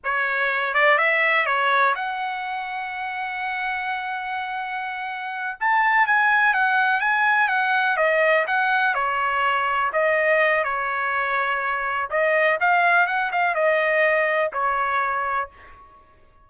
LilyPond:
\new Staff \with { instrumentName = "trumpet" } { \time 4/4 \tempo 4 = 124 cis''4. d''8 e''4 cis''4 | fis''1~ | fis''2.~ fis''8 a''8~ | a''8 gis''4 fis''4 gis''4 fis''8~ |
fis''8 dis''4 fis''4 cis''4.~ | cis''8 dis''4. cis''2~ | cis''4 dis''4 f''4 fis''8 f''8 | dis''2 cis''2 | }